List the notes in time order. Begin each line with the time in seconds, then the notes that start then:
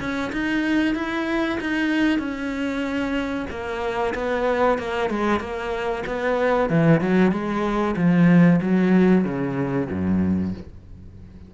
0.00 C#4
0.32 D#4
0.95 E4
1.61 D#4
2.19 C#4
3.50 A#3
4.15 B3
4.78 A#3
5.10 G#3
5.40 A#3
6.07 B3
6.70 E3
7.01 F#3
7.32 G#3
7.96 F3
8.62 F#3
9.24 C#3
9.91 F#2